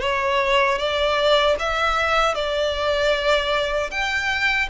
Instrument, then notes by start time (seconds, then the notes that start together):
violin
0.00 C#5
0.78 D5
1.59 E5
2.34 D5
3.91 G5